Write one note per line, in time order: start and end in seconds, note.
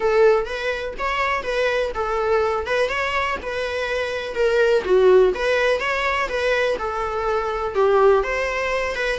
0.00 0.45 A4
0.45 0.94 B4
0.98 1.43 C#5
1.43 1.91 B4
1.94 2.66 A4
2.66 2.88 B4
2.88 3.37 C#5
3.42 4.34 B4
4.34 4.83 A#4
4.84 5.32 F#4
5.34 5.80 B4
5.80 6.28 C#5
6.28 6.77 B4
6.78 7.74 A4
7.74 8.23 G4
8.23 8.95 C5
8.95 9.18 B4